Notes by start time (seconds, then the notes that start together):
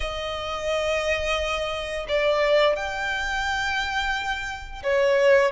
0.00 D#5
2.08 D5
2.76 G5
4.83 C#5